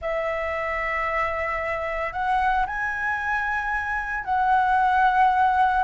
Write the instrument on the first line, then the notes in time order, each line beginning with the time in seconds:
flute
0.01 E5
2.12 F#5
2.66 G#5
4.24 F#5